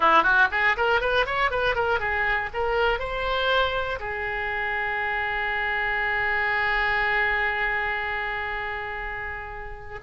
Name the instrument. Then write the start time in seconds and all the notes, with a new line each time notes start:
oboe
0.00 E4
0.23 F#4
0.51 G#4
0.76 A#4
1.00 B4
1.25 C#5
1.50 B4
1.75 A#4
1.99 G#4
2.53 A#4
2.99 C5
3.99 G#4